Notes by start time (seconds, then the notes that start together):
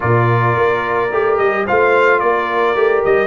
0.00 A#2 F4 A#4 D5
0.56 A#3
1.11 A3 G4
1.37 G3 D#5
1.65 A3 F4 C5 F5
2.19 A#3 A#4 D5
2.75 A3 G4
3.04 G3 D#5